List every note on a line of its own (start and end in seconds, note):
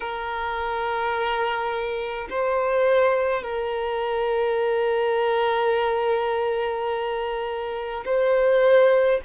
0.00 2.28 A#4
2.30 3.42 C5
3.42 8.04 A#4
8.05 9.20 C5